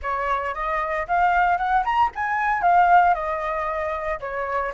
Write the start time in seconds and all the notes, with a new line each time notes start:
0.02 C#5
0.54 D#5
1.07 F5
1.57 F#5
1.84 A#5
2.15 G#5
2.61 F5
3.14 D#5
4.20 C#5